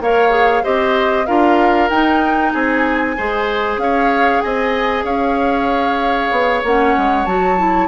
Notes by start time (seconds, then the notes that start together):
0.00 A#3 A#4 C#5 F5
0.30 G#4
0.63 C4 G4 C5 D#5
1.26 D4 F4 A#4 F5
1.89 D#4 G5
2.52 C4 G#4 G#5
3.17 G#3 G#4 C5
3.77 C#4 C#5 F5
4.41 C4 D#5 G#5
5.03 C#4 C#5 F5
6.31 B3
6.64 A#3 C#4 F#5
6.97 G#3
7.25 F#3 F#4 A5
7.58 E4